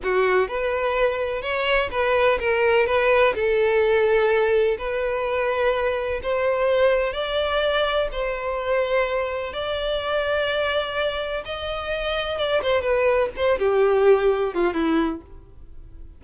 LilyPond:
\new Staff \with { instrumentName = "violin" } { \time 4/4 \tempo 4 = 126 fis'4 b'2 cis''4 | b'4 ais'4 b'4 a'4~ | a'2 b'2~ | b'4 c''2 d''4~ |
d''4 c''2. | d''1 | dis''2 d''8 c''8 b'4 | c''8 g'2 f'8 e'4 | }